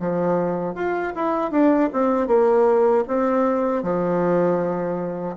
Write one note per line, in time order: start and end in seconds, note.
0.00 0.75 F3
0.75 1.13 F4
1.16 1.51 E4
1.51 1.90 D4
1.93 2.28 C4
2.28 3.05 A#3
3.08 3.83 C4
3.83 5.37 F3